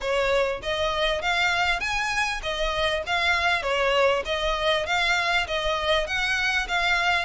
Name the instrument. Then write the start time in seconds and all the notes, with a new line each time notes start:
violin
0.00 C#5
0.62 D#5
1.21 F5
1.80 G#5
2.42 D#5
3.06 F5
3.62 C#5
4.25 D#5
4.86 F5
5.47 D#5
6.06 F#5
6.67 F5